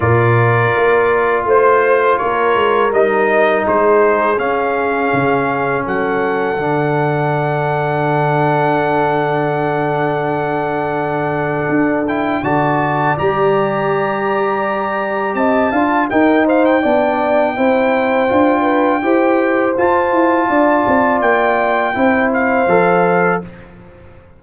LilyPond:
<<
  \new Staff \with { instrumentName = "trumpet" } { \time 4/4 \tempo 4 = 82 d''2 c''4 cis''4 | dis''4 c''4 f''2 | fis''1~ | fis''1~ |
fis''8 g''8 a''4 ais''2~ | ais''4 a''4 g''8 f''16 g''4~ g''16~ | g''2. a''4~ | a''4 g''4. f''4. | }
  \new Staff \with { instrumentName = "horn" } { \time 4/4 ais'2 c''4 ais'4~ | ais'4 gis'2. | a'1~ | a'1~ |
a'4 d''2.~ | d''4 dis''8 f''8 ais'8 c''8 d''4 | c''4. b'8 c''2 | d''2 c''2 | }
  \new Staff \with { instrumentName = "trombone" } { \time 4/4 f'1 | dis'2 cis'2~ | cis'4 d'2.~ | d'1~ |
d'8 e'8 fis'4 g'2~ | g'4. f'8 dis'4 d'4 | e'4 f'4 g'4 f'4~ | f'2 e'4 a'4 | }
  \new Staff \with { instrumentName = "tuba" } { \time 4/4 ais,4 ais4 a4 ais8 gis8 | g4 gis4 cis'4 cis4 | fis4 d2.~ | d1 |
d'4 d4 g2~ | g4 c'8 d'8 dis'4 b4 | c'4 d'4 e'4 f'8 e'8 | d'8 c'8 ais4 c'4 f4 | }
>>